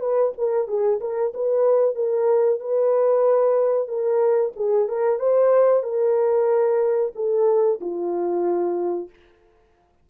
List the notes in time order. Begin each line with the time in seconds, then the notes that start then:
0.00 B4
0.37 A#4
0.67 G#4
1.00 A#4
1.34 B4
1.95 A#4
2.60 B4
3.88 A#4
4.56 G#4
4.88 A#4
5.19 C5
5.83 A#4
7.15 A4
7.81 F4